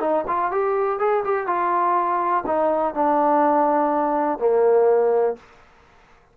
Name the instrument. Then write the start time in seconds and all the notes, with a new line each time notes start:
trombone
0.00 D#4
0.27 F4
0.51 G4
0.99 G#4
1.24 G4
1.47 F4
2.46 D#4
2.94 D4
4.39 A#3